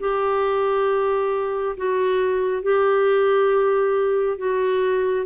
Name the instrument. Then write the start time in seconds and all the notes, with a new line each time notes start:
clarinet
0.00 G4
1.77 F#4
2.63 G4
4.38 F#4